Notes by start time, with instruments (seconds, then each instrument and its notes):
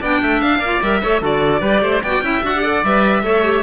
0.00 cello B3, clarinet D4, oboe D5, violin G5
0.22 cello A3, oboe E5
0.41 cello D4, violin F5
0.58 cello A#3, oboe D5
0.64 clarinet F4
0.82 cello G3, clarinet A#4, violin E5
1.02 cello A3, clarinet A4, oboe C#5
1.21 cello D3, clarinet F#4, oboe A4, violin D5
1.60 cello G3, clarinet G4, oboe B4
1.81 cello A3, oboe C5
2.02 cello B3, clarinet F#4, oboe D5, violin G5
2.21 cello C#4, clarinet E4, oboe E5
2.42 cello D4, clarinet F#4, violin F#5
2.55 clarinet G4
2.61 clarinet A4, oboe D5
2.83 cello G3, clarinet B4, violin E5
3.23 cello A3, clarinet A4, oboe C#5
3.44 clarinet G4